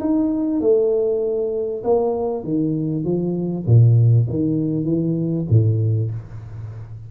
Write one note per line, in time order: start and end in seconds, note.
0.00 0.60 D#4
0.60 1.83 A3
1.84 2.44 A#3
2.44 3.04 D#3
3.04 3.65 F3
3.66 4.27 A#2
4.29 4.84 D#3
4.84 5.45 E3
5.49 6.11 A2